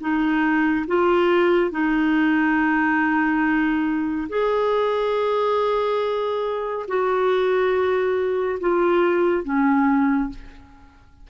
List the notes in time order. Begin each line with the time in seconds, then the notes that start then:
0.00 D#4
0.87 F4
1.71 D#4
4.29 G#4
6.88 F#4
8.60 F4
9.44 C#4